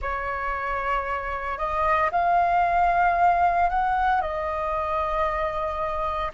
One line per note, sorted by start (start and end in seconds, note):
0.01 1.57 C#5
1.57 2.10 D#5
2.11 3.69 F5
3.69 4.21 F#5
4.21 6.31 D#5